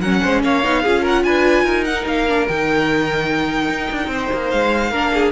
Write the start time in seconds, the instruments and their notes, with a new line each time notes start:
0.00 cello F#3, viola C#4, violin A#4 F#5
0.22 cello G#3, violin C5
0.43 cello A#3, violin C#5 F5
0.64 cello B3, viola D#4
0.82 cello C#4, viola F4, violin G#4
1.02 violin A#4 F#5
1.23 cello D4, violin B4 G#5
1.64 cello D#4, violin A#4
1.84 viola D#4, violin F#5
2.06 cello A#3, violin F5
2.28 viola D4
2.48 cello D#3, viola D#4, violin G5
3.69 cello D#4
3.91 cello D4
4.07 cello C4, violin C5
4.33 cello A#3
4.50 cello G#3, violin F5
4.91 cello A#3, viola D4, violin A#4
5.14 violin G#4